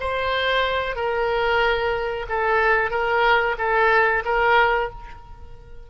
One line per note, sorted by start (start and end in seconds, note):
0.00 0.95 C5
0.95 2.26 A#4
2.29 2.90 A4
2.90 3.55 A#4
3.58 4.23 A4
4.25 4.90 A#4